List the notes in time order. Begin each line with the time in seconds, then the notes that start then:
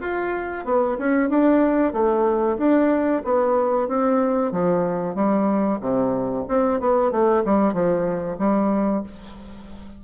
0.00 F4
0.65 B3
0.98 C#4
1.29 D4
1.92 A3
2.57 D4
3.24 B3
3.88 C4
4.51 F3
5.15 G3
5.80 C3
6.48 C4
6.80 B3
7.11 A3
7.45 G3
7.73 F3
8.38 G3